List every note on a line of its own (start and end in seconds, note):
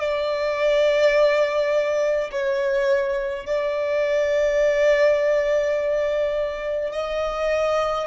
0.00 2.31 D5
2.32 3.47 C#5
3.47 6.92 D5
6.92 8.07 D#5